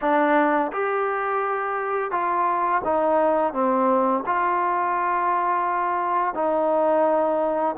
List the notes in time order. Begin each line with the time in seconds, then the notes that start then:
0.01 D4
0.72 G4
2.11 F4
2.84 D#4
3.53 C4
4.25 F4
6.34 D#4